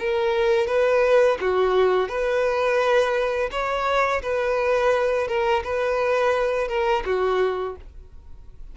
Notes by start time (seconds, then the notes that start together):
0.00 A#4
0.67 B4
1.41 F#4
2.09 B4
3.52 C#5
4.23 B4
5.28 A#4
5.64 B4
6.69 A#4
7.06 F#4